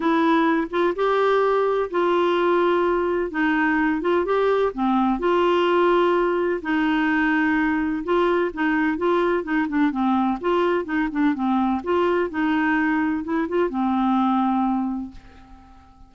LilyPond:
\new Staff \with { instrumentName = "clarinet" } { \time 4/4 \tempo 4 = 127 e'4. f'8 g'2 | f'2. dis'4~ | dis'8 f'8 g'4 c'4 f'4~ | f'2 dis'2~ |
dis'4 f'4 dis'4 f'4 | dis'8 d'8 c'4 f'4 dis'8 d'8 | c'4 f'4 dis'2 | e'8 f'8 c'2. | }